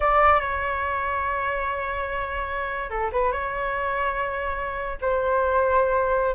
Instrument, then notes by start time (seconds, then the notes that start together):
flute
0.00 D5
0.40 C#5
2.90 A4
3.12 B4
3.31 C#5
5.01 C5